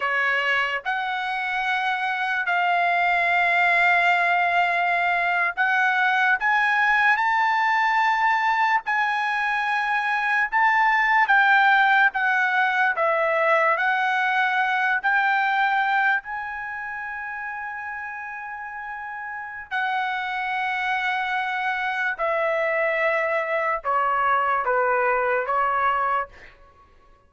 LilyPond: \new Staff \with { instrumentName = "trumpet" } { \time 4/4 \tempo 4 = 73 cis''4 fis''2 f''4~ | f''2~ f''8. fis''4 gis''16~ | gis''8. a''2 gis''4~ gis''16~ | gis''8. a''4 g''4 fis''4 e''16~ |
e''8. fis''4. g''4. gis''16~ | gis''1 | fis''2. e''4~ | e''4 cis''4 b'4 cis''4 | }